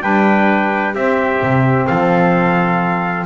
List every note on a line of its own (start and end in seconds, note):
0.00 0.94 G3
0.00 0.93 D4
0.00 0.94 B4
0.00 0.94 G5
0.94 1.41 C4
0.94 3.26 C4
0.94 1.87 G4
0.94 1.87 E5
1.41 1.88 C3
1.87 3.26 F3
1.87 3.26 A4
1.87 3.26 F5